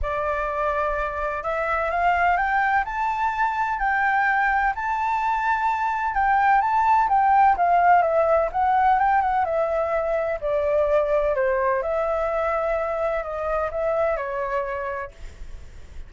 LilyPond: \new Staff \with { instrumentName = "flute" } { \time 4/4 \tempo 4 = 127 d''2. e''4 | f''4 g''4 a''2 | g''2 a''2~ | a''4 g''4 a''4 g''4 |
f''4 e''4 fis''4 g''8 fis''8 | e''2 d''2 | c''4 e''2. | dis''4 e''4 cis''2 | }